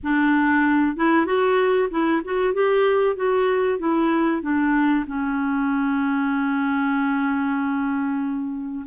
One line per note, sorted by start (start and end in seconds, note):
0.03 0.96 D4
0.96 1.26 E4
1.26 1.89 F#4
1.90 2.22 E4
2.24 2.53 F#4
2.53 3.16 G4
3.16 3.78 F#4
3.78 4.42 E4
4.42 5.05 D4
5.06 8.85 C#4